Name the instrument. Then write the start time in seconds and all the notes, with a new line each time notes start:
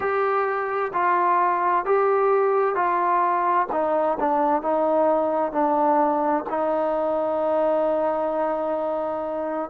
trombone
0.00 G4
0.93 F4
1.85 G4
2.74 F4
3.72 D#4
4.19 D4
4.62 D#4
5.52 D4
6.49 D#4